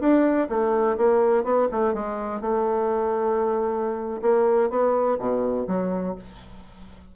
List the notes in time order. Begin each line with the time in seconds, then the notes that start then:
0.00 D4
0.49 A3
0.97 A#3
1.44 B3
1.71 A3
1.94 G#3
2.41 A3
4.22 A#3
4.70 B3
5.19 B2
5.67 F#3